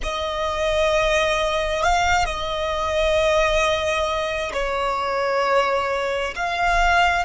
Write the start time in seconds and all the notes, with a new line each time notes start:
0.02 D#5
1.83 F5
2.25 D#5
4.52 C#5
6.35 F5